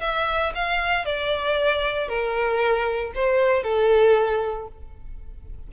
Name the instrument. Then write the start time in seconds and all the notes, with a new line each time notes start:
violin
0.00 E5
0.55 F5
1.05 D5
2.08 A#4
3.14 C5
3.63 A4